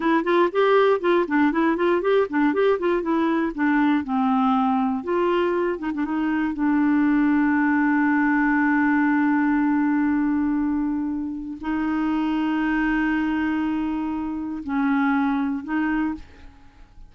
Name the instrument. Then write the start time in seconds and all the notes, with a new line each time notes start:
clarinet
0.00 E4
0.24 F4
0.52 G4
1.00 F4
1.27 D4
1.52 E4
1.76 F4
2.01 G4
2.29 D4
2.53 G4
2.79 F4
3.02 E4
3.55 D4
4.04 C4
5.03 F4
5.78 D#4
5.94 D4
6.04 D#4
6.53 D4
11.60 D#4
14.63 C#4
15.64 D#4